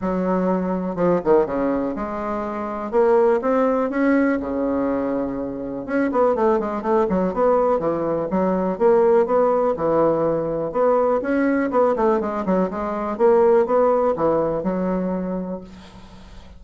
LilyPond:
\new Staff \with { instrumentName = "bassoon" } { \time 4/4 \tempo 4 = 123 fis2 f8 dis8 cis4 | gis2 ais4 c'4 | cis'4 cis2. | cis'8 b8 a8 gis8 a8 fis8 b4 |
e4 fis4 ais4 b4 | e2 b4 cis'4 | b8 a8 gis8 fis8 gis4 ais4 | b4 e4 fis2 | }